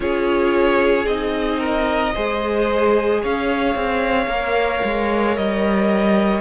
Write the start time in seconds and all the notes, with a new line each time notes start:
0.00 C#4 F4 G#4 C#5
1.05 C4 D#4 D#5
1.59 A#4
2.14 G#3 G#4 C5
3.22 C#4 C#5 F5
3.75 C4
4.27 A#3 A#4
4.84 G#3
5.36 G3 D#5